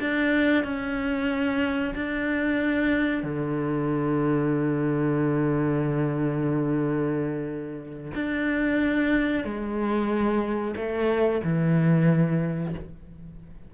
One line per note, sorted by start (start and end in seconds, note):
0.00 0.64 D4
0.64 1.94 C#4
1.95 3.23 D4
3.23 8.13 D3
8.15 9.44 D4
9.44 10.75 G#3
10.76 11.42 A3
11.44 12.74 E3